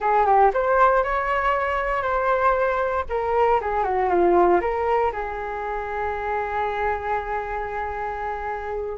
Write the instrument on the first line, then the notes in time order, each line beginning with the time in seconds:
flute
0.00 G#4
0.26 G4
0.53 C5
1.03 C#5
2.02 C5
3.09 A#4
3.60 G#4
3.83 F#4
4.09 F4
4.60 A#4
5.12 G#4